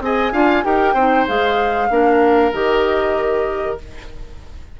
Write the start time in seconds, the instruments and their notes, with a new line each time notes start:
0.00 bassoon C4, clarinet G#4, oboe D#5, flute G#5
0.32 bassoon D4, clarinet F4, oboe F5
0.63 bassoon D#4, clarinet G4, oboe A#4, flute G5
0.93 bassoon C4, clarinet D#4, oboe C5
1.28 bassoon G#3, clarinet G#4, flute F5
1.89 bassoon A#3, clarinet D4, oboe A#4
2.52 bassoon D#3, clarinet G4, flute D#5